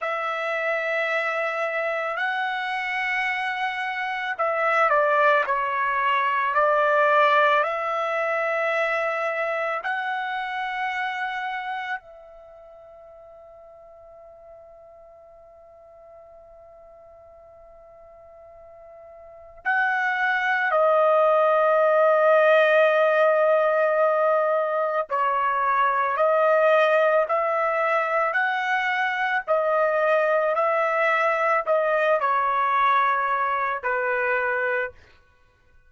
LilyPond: \new Staff \with { instrumentName = "trumpet" } { \time 4/4 \tempo 4 = 55 e''2 fis''2 | e''8 d''8 cis''4 d''4 e''4~ | e''4 fis''2 e''4~ | e''1~ |
e''2 fis''4 dis''4~ | dis''2. cis''4 | dis''4 e''4 fis''4 dis''4 | e''4 dis''8 cis''4. b'4 | }